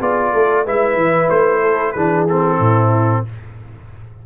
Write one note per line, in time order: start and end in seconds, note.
0.00 0.33 B3
0.00 0.66 F4
0.00 0.32 G#4
0.00 0.67 D5
0.34 0.67 A3
0.34 0.65 A4
0.65 0.96 G#3
0.65 1.96 E4
0.65 1.61 B4
0.65 1.30 E5
0.96 1.28 E3
1.30 1.95 A3
1.30 1.92 C5
1.61 1.94 A4
1.92 2.60 E3
1.92 2.29 D4
1.92 2.58 G#4
1.92 2.24 B4
2.29 3.27 C4
2.29 3.26 A4
2.59 3.24 A2
2.59 3.23 E4